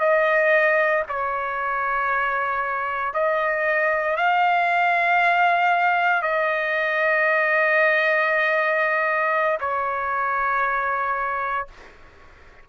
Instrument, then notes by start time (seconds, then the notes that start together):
trumpet
0.00 D#5
1.09 C#5
3.14 D#5
4.17 F5
6.23 D#5
9.61 C#5